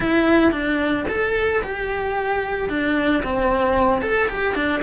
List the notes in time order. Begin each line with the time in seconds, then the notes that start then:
0.00 E4
0.51 D4
1.08 A4
1.63 G4
2.69 D4
3.23 C4
4.01 A4
4.29 G4
4.54 D4